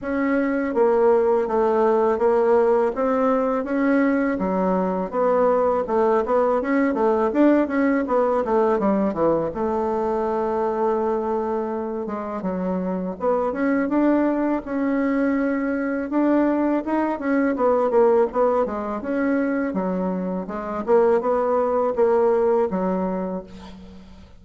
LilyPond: \new Staff \with { instrumentName = "bassoon" } { \time 4/4 \tempo 4 = 82 cis'4 ais4 a4 ais4 | c'4 cis'4 fis4 b4 | a8 b8 cis'8 a8 d'8 cis'8 b8 a8 | g8 e8 a2.~ |
a8 gis8 fis4 b8 cis'8 d'4 | cis'2 d'4 dis'8 cis'8 | b8 ais8 b8 gis8 cis'4 fis4 | gis8 ais8 b4 ais4 fis4 | }